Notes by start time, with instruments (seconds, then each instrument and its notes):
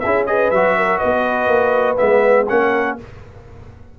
0.00 tuba C#4, horn G#4, trumpet E5
0.06 trombone E4
0.27 trombone G#4, horn B4, trumpet D#5
0.51 tuba F#3, trombone F#4, trumpet E5
0.78 horn A#4
0.98 horn B4, trumpet D#5
1.04 tuba B3
1.48 tuba A#3
1.97 tuba G#3, trombone B3, trumpet E5
2.49 tuba A#3, trombone C#4, horn A#4, trumpet F#5